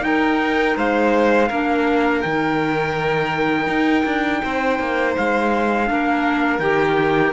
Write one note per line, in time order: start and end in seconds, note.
0.00 1.46 D#4
0.00 0.75 D#4
0.00 0.77 A#4
0.00 0.76 G5
0.76 1.50 G#3
0.76 1.48 C5
0.76 2.21 F5
1.48 2.23 A#3
1.48 2.24 D4
1.48 4.40 A#4
2.21 3.67 D#3
2.21 5.86 D#4
2.21 5.14 G5
3.67 4.03 D#4
4.05 4.42 D4
4.43 4.79 C4
4.43 5.89 C5
4.79 5.16 A#3
5.17 5.89 G#3
5.17 6.60 F5
5.86 6.59 A#3
5.86 6.60 D4
5.86 7.33 A#4
6.59 7.32 D#3
6.59 7.33 G4
6.59 7.33 G5